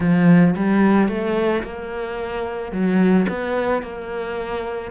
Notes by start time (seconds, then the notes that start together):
0.00 F3
0.56 G3
1.08 A3
1.63 A#3
2.71 F#3
3.29 B3
3.82 A#3